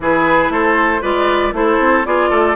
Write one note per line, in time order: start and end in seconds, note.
0.00 0.49 E3
0.00 1.01 E4
0.00 0.52 G#4
0.00 0.51 B4
0.49 1.00 A3
0.49 1.01 A4
0.49 1.02 C5
1.01 1.52 G#3
1.01 1.53 F4
1.01 1.53 B4
1.01 1.53 D5
1.52 1.78 A3
1.52 2.04 E4
1.52 2.07 A4
1.52 2.05 C5
1.79 2.04 C4
2.04 2.30 B3
2.04 2.55 F4
2.04 2.29 G#4
2.04 2.55 D5
2.29 2.55 A3
2.29 2.55 A4